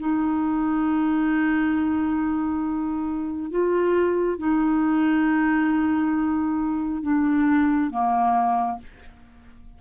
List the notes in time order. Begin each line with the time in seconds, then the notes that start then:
0.00 D#4
3.51 F4
4.39 D#4
7.03 D4
7.91 A#3